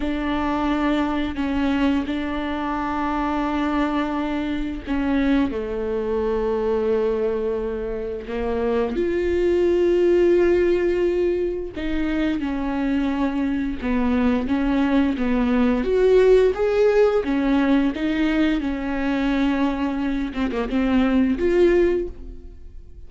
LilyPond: \new Staff \with { instrumentName = "viola" } { \time 4/4 \tempo 4 = 87 d'2 cis'4 d'4~ | d'2. cis'4 | a1 | ais4 f'2.~ |
f'4 dis'4 cis'2 | b4 cis'4 b4 fis'4 | gis'4 cis'4 dis'4 cis'4~ | cis'4. c'16 ais16 c'4 f'4 | }